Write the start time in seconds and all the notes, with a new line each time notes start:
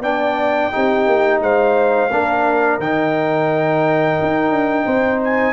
0.00 B3 D4 D5 G5
0.72 C4 D#4 G4
1.06 A#3
1.40 G#3 C5 F5
2.10 A#3 D4 A#4
2.78 D#3 D#4 G5
4.21 D#4
4.50 D4
4.85 C4 C5
5.23 G#5